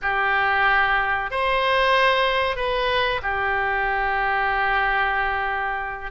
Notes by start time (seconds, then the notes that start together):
0.01 G4
1.30 C5
2.56 B4
3.22 G4